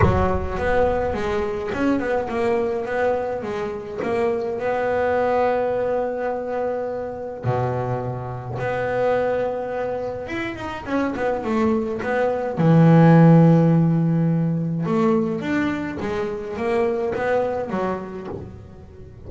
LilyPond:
\new Staff \with { instrumentName = "double bass" } { \time 4/4 \tempo 4 = 105 fis4 b4 gis4 cis'8 b8 | ais4 b4 gis4 ais4 | b1~ | b4 b,2 b4~ |
b2 e'8 dis'8 cis'8 b8 | a4 b4 e2~ | e2 a4 d'4 | gis4 ais4 b4 fis4 | }